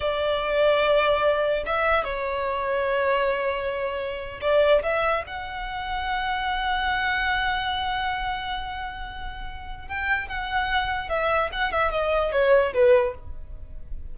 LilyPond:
\new Staff \with { instrumentName = "violin" } { \time 4/4 \tempo 4 = 146 d''1 | e''4 cis''2.~ | cis''2~ cis''8. d''4 e''16~ | e''8. fis''2.~ fis''16~ |
fis''1~ | fis''1 | g''4 fis''2 e''4 | fis''8 e''8 dis''4 cis''4 b'4 | }